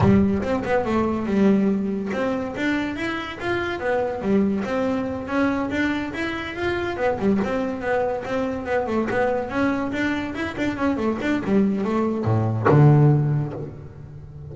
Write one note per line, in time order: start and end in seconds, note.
0.00 0.41 G3
0.42 0.63 C4
0.64 0.85 B3
0.85 1.26 A3
1.26 2.10 G3
2.12 2.55 C4
2.56 2.96 D4
2.96 3.38 E4
3.40 3.79 F4
3.79 4.21 B3
4.21 4.63 G3
4.64 5.27 C4
5.27 5.69 C#4
5.70 6.12 D4
6.13 6.55 E4
6.55 6.97 F4
6.97 7.18 B3
7.19 7.40 G3
7.43 7.81 C4
7.81 8.23 B3
8.24 8.65 C4
8.65 8.86 B3
8.86 9.07 A3
9.10 9.49 B3
9.49 9.91 C#4
9.91 10.34 D4
10.34 10.55 E4
10.57 10.77 D4
10.77 10.96 C#4
10.96 11.18 A3
11.21 11.43 D4
11.44 11.84 G3
11.84 12.24 A3
12.24 12.66 A2
12.68 13.53 D3